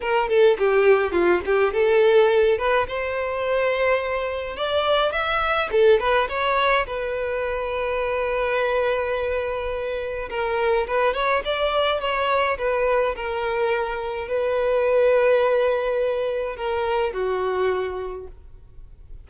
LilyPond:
\new Staff \with { instrumentName = "violin" } { \time 4/4 \tempo 4 = 105 ais'8 a'8 g'4 f'8 g'8 a'4~ | a'8 b'8 c''2. | d''4 e''4 a'8 b'8 cis''4 | b'1~ |
b'2 ais'4 b'8 cis''8 | d''4 cis''4 b'4 ais'4~ | ais'4 b'2.~ | b'4 ais'4 fis'2 | }